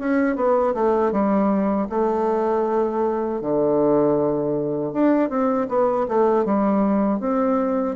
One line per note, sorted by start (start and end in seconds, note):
0.00 0.37 C#4
0.37 0.75 B3
0.75 1.12 A3
1.12 1.88 G3
1.90 3.42 A3
3.42 4.93 D3
4.93 5.30 D4
5.30 5.68 C4
5.69 6.07 B3
6.09 6.46 A3
6.46 7.20 G3
7.20 7.96 C4